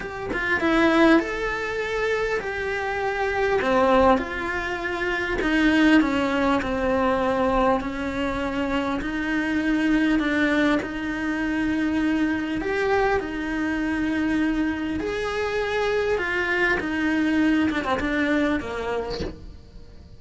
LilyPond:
\new Staff \with { instrumentName = "cello" } { \time 4/4 \tempo 4 = 100 g'8 f'8 e'4 a'2 | g'2 c'4 f'4~ | f'4 dis'4 cis'4 c'4~ | c'4 cis'2 dis'4~ |
dis'4 d'4 dis'2~ | dis'4 g'4 dis'2~ | dis'4 gis'2 f'4 | dis'4. d'16 c'16 d'4 ais4 | }